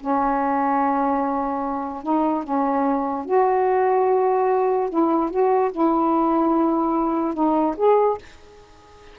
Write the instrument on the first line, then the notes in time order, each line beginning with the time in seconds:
saxophone
0.00 C#4
2.03 D#4
2.43 C#4
3.25 F#4
4.89 E4
5.30 F#4
5.71 E4
7.34 D#4
7.77 G#4